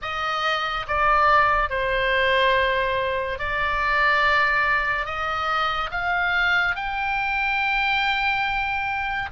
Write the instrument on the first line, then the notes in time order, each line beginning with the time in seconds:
oboe
0.02 D#5
0.87 D5
1.69 C5
3.38 D5
5.05 D#5
5.91 F5
6.75 G5